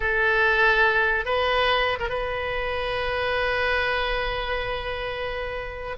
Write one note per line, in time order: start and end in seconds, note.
0.00 1.25 A4
1.25 1.98 B4
1.99 2.09 A#4
2.09 5.97 B4